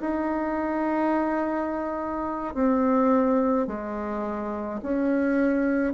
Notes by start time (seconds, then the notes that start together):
0.00 D#4
2.54 C4
3.67 G#3
4.82 C#4